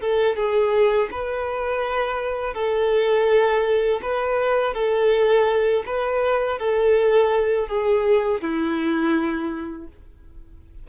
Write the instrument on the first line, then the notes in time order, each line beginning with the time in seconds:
violin
0.00 A4
0.36 G#4
1.11 B4
2.53 A4
4.02 B4
4.74 A4
5.86 B4
6.59 A4
7.68 G#4
8.41 E4